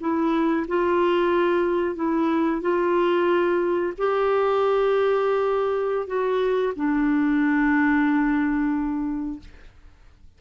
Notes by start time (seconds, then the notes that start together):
0.00 E4
0.68 F4
1.95 E4
2.61 F4
3.98 G4
6.07 F#4
6.76 D4